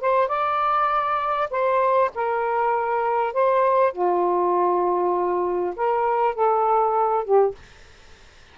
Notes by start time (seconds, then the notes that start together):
0.00 C5
0.28 D5
1.50 C5
2.15 A#4
3.33 C5
3.92 F4
5.76 A#4
6.35 A4
7.24 G4